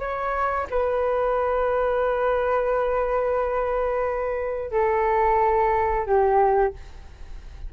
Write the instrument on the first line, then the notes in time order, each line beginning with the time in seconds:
flute
0.00 C#5
0.71 B4
4.72 A4
6.06 G4